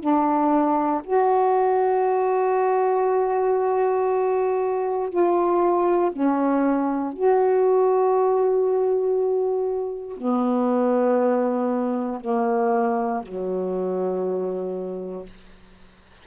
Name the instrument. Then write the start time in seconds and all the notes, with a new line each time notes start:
saxophone
0.00 D4
1.04 F#4
5.10 F4
6.12 C#4
7.13 F#4
10.17 B3
12.21 A#3
13.23 F#3